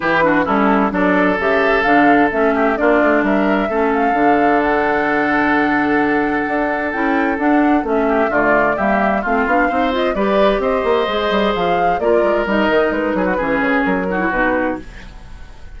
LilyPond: <<
  \new Staff \with { instrumentName = "flute" } { \time 4/4 \tempo 4 = 130 b'4 a'4 d''4 e''4 | f''4 e''4 d''4 e''4~ | e''8 f''4. fis''2~ | fis''2. g''4 |
fis''4 e''4 d''4 e''4 | f''4. dis''8 d''4 dis''4~ | dis''4 f''4 d''4 dis''4 | b'2 ais'4 b'4 | }
  \new Staff \with { instrumentName = "oboe" } { \time 4/4 g'8 fis'8 e'4 a'2~ | a'4. g'8 f'4 ais'4 | a'1~ | a'1~ |
a'4. g'8 f'4 g'4 | f'4 c''4 b'4 c''4~ | c''2 ais'2~ | ais'8 gis'16 fis'16 gis'4. fis'4. | }
  \new Staff \with { instrumentName = "clarinet" } { \time 4/4 e'8 d'8 cis'4 d'4 g'4 | d'4 cis'4 d'2 | cis'4 d'2.~ | d'2. e'4 |
d'4 cis'4 a4 ais4 | c'8 d'8 dis'8 f'8 g'2 | gis'2 f'4 dis'4~ | dis'4 cis'4. dis'16 e'16 dis'4 | }
  \new Staff \with { instrumentName = "bassoon" } { \time 4/4 e4 g4 fis4 cis4 | d4 a4 ais8 a8 g4 | a4 d2.~ | d2 d'4 cis'4 |
d'4 a4 d4 g4 | a8 b8 c'4 g4 c'8 ais8 | gis8 g8 f4 ais8 gis8 g8 dis8 | gis8 fis8 e8 cis8 fis4 b,4 | }
>>